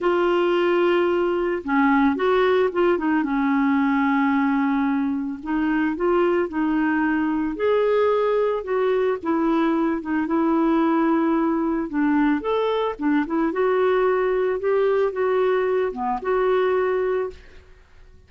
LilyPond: \new Staff \with { instrumentName = "clarinet" } { \time 4/4 \tempo 4 = 111 f'2. cis'4 | fis'4 f'8 dis'8 cis'2~ | cis'2 dis'4 f'4 | dis'2 gis'2 |
fis'4 e'4. dis'8 e'4~ | e'2 d'4 a'4 | d'8 e'8 fis'2 g'4 | fis'4. b8 fis'2 | }